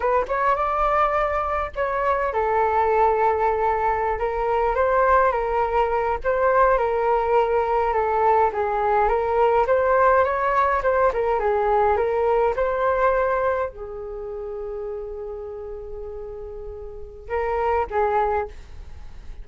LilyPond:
\new Staff \with { instrumentName = "flute" } { \time 4/4 \tempo 4 = 104 b'8 cis''8 d''2 cis''4 | a'2.~ a'16 ais'8.~ | ais'16 c''4 ais'4. c''4 ais'16~ | ais'4.~ ais'16 a'4 gis'4 ais'16~ |
ais'8. c''4 cis''4 c''8 ais'8 gis'16~ | gis'8. ais'4 c''2 gis'16~ | gis'1~ | gis'2 ais'4 gis'4 | }